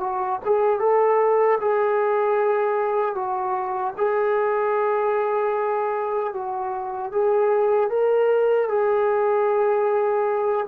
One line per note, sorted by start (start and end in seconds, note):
0.00 0.39 F#4
0.45 0.80 G#4
0.80 1.59 A4
1.61 3.15 G#4
3.15 3.94 F#4
3.97 6.33 G#4
6.33 7.12 F#4
7.12 7.90 G#4
7.90 8.69 A#4
8.69 10.66 G#4